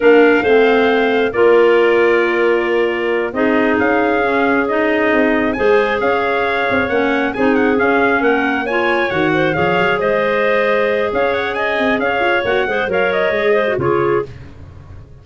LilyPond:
<<
  \new Staff \with { instrumentName = "trumpet" } { \time 4/4 \tempo 4 = 135 f''2. d''4~ | d''2.~ d''8 dis''8~ | dis''8 f''2 dis''4.~ | dis''8 gis''4 f''2 fis''8~ |
fis''8 gis''8 fis''8 f''4 fis''4 gis''8~ | gis''8 fis''4 f''4 dis''4.~ | dis''4 f''8 fis''8 gis''4 f''4 | fis''4 f''8 dis''4. cis''4 | }
  \new Staff \with { instrumentName = "clarinet" } { \time 4/4 ais'4 c''2 ais'4~ | ais'2.~ ais'8 gis'8~ | gis'1~ | gis'8 c''4 cis''2~ cis''8~ |
cis''8 gis'2 ais'4 cis''8~ | cis''4 c''8 cis''4 c''4.~ | c''4 cis''4 dis''4 cis''4~ | cis''8 c''8 cis''4. c''8 gis'4 | }
  \new Staff \with { instrumentName = "clarinet" } { \time 4/4 d'4 c'2 f'4~ | f'2.~ f'8 dis'8~ | dis'4. cis'4 dis'4.~ | dis'8 gis'2. cis'8~ |
cis'8 dis'4 cis'2 f'8~ | f'8 fis'4 gis'2~ gis'8~ | gis'1 | fis'8 gis'8 ais'4 gis'8. fis'16 f'4 | }
  \new Staff \with { instrumentName = "tuba" } { \time 4/4 ais4 a2 ais4~ | ais2.~ ais8 c'8~ | c'8 cis'2. c'8~ | c'8 gis4 cis'4. c'8 ais8~ |
ais8 c'4 cis'4 ais4.~ | ais8 dis4 f8 fis8 gis4.~ | gis4 cis'4. c'8 cis'8 f'8 | ais8 gis8 fis4 gis4 cis4 | }
>>